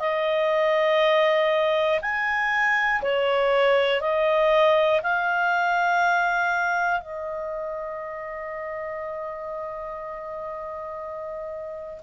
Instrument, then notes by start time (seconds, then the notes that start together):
clarinet
0.00 D#5
2.02 G#5
3.03 C#5
4.01 D#5
5.03 F5
7.00 D#5